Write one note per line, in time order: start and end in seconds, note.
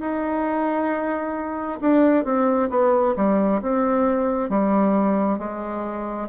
0.00 1.79 D#4
1.81 2.24 D4
2.24 2.69 C4
2.69 3.14 B3
3.16 3.61 G3
3.61 4.49 C4
4.49 5.38 G3
5.38 6.28 G#3